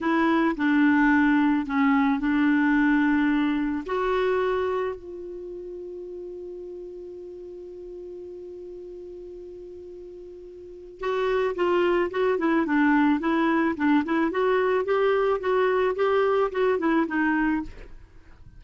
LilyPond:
\new Staff \with { instrumentName = "clarinet" } { \time 4/4 \tempo 4 = 109 e'4 d'2 cis'4 | d'2. fis'4~ | fis'4 f'2.~ | f'1~ |
f'1 | fis'4 f'4 fis'8 e'8 d'4 | e'4 d'8 e'8 fis'4 g'4 | fis'4 g'4 fis'8 e'8 dis'4 | }